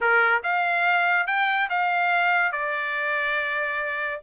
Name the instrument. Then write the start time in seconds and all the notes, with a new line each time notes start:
trumpet
0.00 A#4
0.43 F5
1.26 G5
1.69 F5
2.52 D5